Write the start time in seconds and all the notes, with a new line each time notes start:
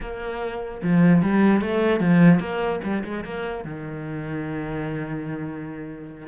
0.00 A#3
0.82 F3
1.22 G3
1.61 A3
1.99 F3
2.39 A#3
2.83 G3
3.04 G#3
3.24 A#3
3.64 D#3